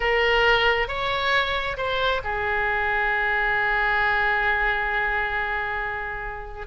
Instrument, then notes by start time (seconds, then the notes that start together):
oboe
0.00 A#4
0.87 C#5
1.77 C5
2.24 G#4